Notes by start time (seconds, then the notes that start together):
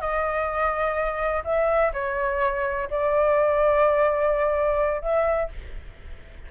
0.00 D#5
1.44 E5
1.93 C#5
2.90 D5
5.01 E5